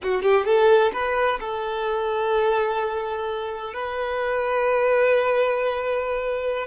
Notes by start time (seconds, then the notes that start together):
0.02 F#4
0.22 G4
0.45 A4
0.92 B4
1.39 A4
3.73 B4